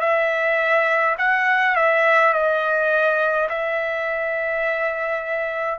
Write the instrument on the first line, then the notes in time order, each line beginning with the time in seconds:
trumpet
0.00 E5
1.18 F#5
1.75 E5
2.33 D#5
3.49 E5